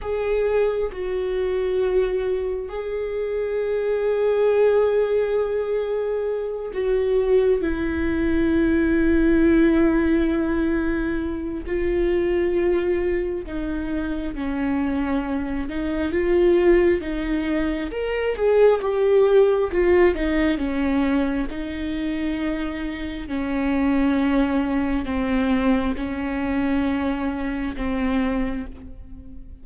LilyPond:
\new Staff \with { instrumentName = "viola" } { \time 4/4 \tempo 4 = 67 gis'4 fis'2 gis'4~ | gis'2.~ gis'8 fis'8~ | fis'8 e'2.~ e'8~ | e'4 f'2 dis'4 |
cis'4. dis'8 f'4 dis'4 | ais'8 gis'8 g'4 f'8 dis'8 cis'4 | dis'2 cis'2 | c'4 cis'2 c'4 | }